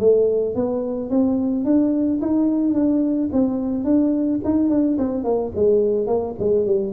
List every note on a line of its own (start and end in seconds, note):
0.00 0.55 A3
0.55 1.10 B3
1.10 1.65 C4
1.65 2.21 D4
2.21 2.74 D#4
2.74 3.30 D4
3.33 3.84 C4
3.84 4.40 D4
4.44 4.69 D#4
4.69 4.97 D4
4.98 5.24 C4
5.24 5.52 A#3
5.56 6.07 G#3
6.07 6.35 A#3
6.39 6.66 G#3
6.66 6.93 G3